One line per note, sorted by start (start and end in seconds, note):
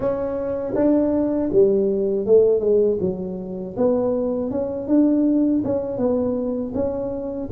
0.00 0.73 C#4
0.75 1.50 D4
1.51 2.26 G3
2.26 2.60 A3
2.60 2.97 G#3
3.00 3.75 F#3
3.77 4.50 B3
4.50 4.88 C#4
4.88 5.62 D4
5.64 5.97 C#4
5.97 6.72 B3
6.74 7.49 C#4